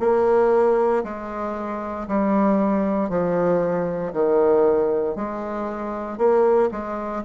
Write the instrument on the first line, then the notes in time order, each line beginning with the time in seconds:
bassoon
0.00 A#3
1.04 G#3
2.08 G3
3.09 F3
4.13 D#3
5.16 G#3
6.18 A#3
6.71 G#3